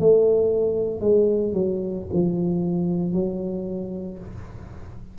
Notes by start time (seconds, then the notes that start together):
0.00 A3
1.00 G#3
1.54 F#3
2.13 F3
3.13 F#3